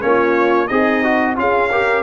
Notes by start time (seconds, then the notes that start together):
0.00 A#3 C#4 F4 C#5
0.67 C4 D#4 G#4 D#5
1.03 F#4
1.36 C#4 F4 G#4 F5
1.71 G4 A#4